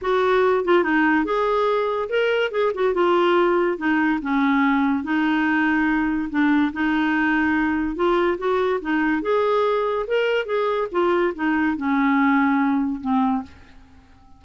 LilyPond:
\new Staff \with { instrumentName = "clarinet" } { \time 4/4 \tempo 4 = 143 fis'4. f'8 dis'4 gis'4~ | gis'4 ais'4 gis'8 fis'8 f'4~ | f'4 dis'4 cis'2 | dis'2. d'4 |
dis'2. f'4 | fis'4 dis'4 gis'2 | ais'4 gis'4 f'4 dis'4 | cis'2. c'4 | }